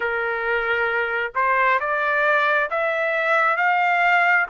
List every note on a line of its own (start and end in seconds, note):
0.00 1.32 A#4
1.34 1.79 C5
1.80 2.69 D5
2.70 3.56 E5
3.56 4.46 F5